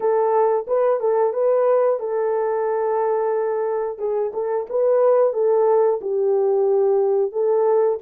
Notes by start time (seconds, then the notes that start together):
0.00 A4
0.67 B4
0.99 A4
1.33 B4
1.99 A4
3.98 G#4
4.33 A4
4.69 B4
5.33 A4
6.01 G4
7.32 A4